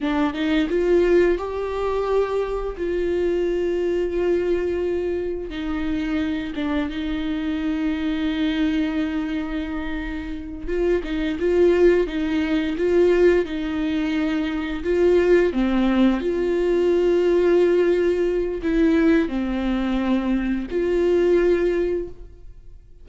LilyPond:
\new Staff \with { instrumentName = "viola" } { \time 4/4 \tempo 4 = 87 d'8 dis'8 f'4 g'2 | f'1 | dis'4. d'8 dis'2~ | dis'2.~ dis'8 f'8 |
dis'8 f'4 dis'4 f'4 dis'8~ | dis'4. f'4 c'4 f'8~ | f'2. e'4 | c'2 f'2 | }